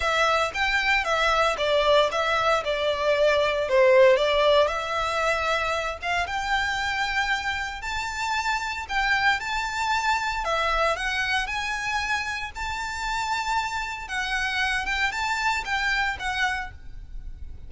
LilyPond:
\new Staff \with { instrumentName = "violin" } { \time 4/4 \tempo 4 = 115 e''4 g''4 e''4 d''4 | e''4 d''2 c''4 | d''4 e''2~ e''8 f''8 | g''2. a''4~ |
a''4 g''4 a''2 | e''4 fis''4 gis''2 | a''2. fis''4~ | fis''8 g''8 a''4 g''4 fis''4 | }